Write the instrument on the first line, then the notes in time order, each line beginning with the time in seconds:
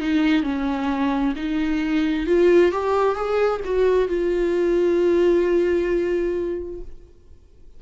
viola
0.00 D#4
0.43 C#4
1.36 D#4
2.26 F4
2.71 G4
3.15 G#4
3.64 F#4
4.08 F4